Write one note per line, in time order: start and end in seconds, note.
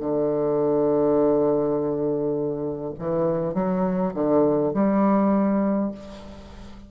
0.00 2.94 D3
2.99 3.55 E3
3.55 4.13 F#3
4.14 4.73 D3
4.74 5.91 G3